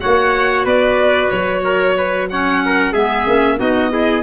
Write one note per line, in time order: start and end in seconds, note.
0.00 0.65 A#3
0.00 2.28 F#4
0.00 0.65 C#5
0.00 0.65 F#5
0.65 1.30 B3
0.65 1.63 B4
0.65 1.30 D5
1.30 2.93 F#3
1.30 2.28 C#5
1.64 1.97 A#4
1.97 2.30 B4
2.30 2.94 C#4
2.30 2.64 C#5
2.30 2.93 F#5
2.65 2.92 A#4
2.92 3.26 G#3
2.92 3.26 B3
2.92 3.57 G#4
2.92 3.59 E5
3.26 3.60 A#3
3.26 3.57 C#4
3.57 4.23 B3
3.57 3.90 D#4
3.57 3.92 F#4
3.57 4.23 D#5
3.90 4.23 E4
3.90 4.23 G#4